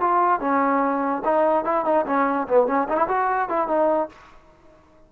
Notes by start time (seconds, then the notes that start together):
0.00 F4
0.40 C#4
1.24 D#4
1.64 E4
1.84 D#4
2.06 C#4
2.48 B3
2.67 C#4
2.88 D#4
2.97 E4
3.07 F#4
3.49 E4
3.67 D#4